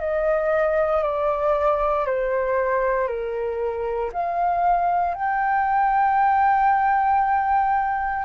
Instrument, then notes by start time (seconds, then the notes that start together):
flute
0.00 D#5
1.03 D5
2.06 C5
3.08 A#4
4.13 F5
5.15 G5